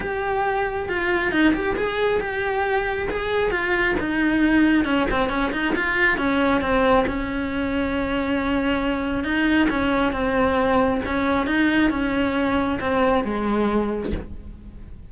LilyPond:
\new Staff \with { instrumentName = "cello" } { \time 4/4 \tempo 4 = 136 g'2 f'4 dis'8 g'8 | gis'4 g'2 gis'4 | f'4 dis'2 cis'8 c'8 | cis'8 dis'8 f'4 cis'4 c'4 |
cis'1~ | cis'4 dis'4 cis'4 c'4~ | c'4 cis'4 dis'4 cis'4~ | cis'4 c'4 gis2 | }